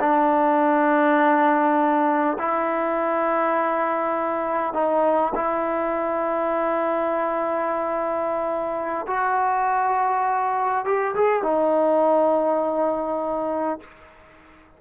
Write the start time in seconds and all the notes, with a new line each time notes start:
0.00 D4
2.39 E4
4.74 D#4
5.35 E4
9.07 F#4
10.85 G4
11.15 G#4
11.43 D#4